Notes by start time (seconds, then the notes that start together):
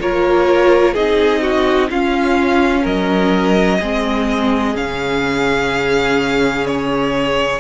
0.00 A#3 F4 A#4 C#5
0.93 C4 D#4 G#4 D#5
1.41 F#4
1.89 C#4 F4 F5
2.82 F#3 A#4 D#5
3.80 G#3 C4 G#4
4.74 C#3 C#4 F5
6.66 C#5